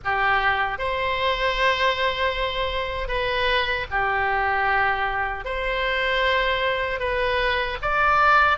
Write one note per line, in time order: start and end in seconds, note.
0.04 0.78 G4
0.78 3.08 C5
3.08 3.86 B4
3.91 5.44 G4
5.44 6.99 C5
6.99 7.77 B4
7.81 8.58 D5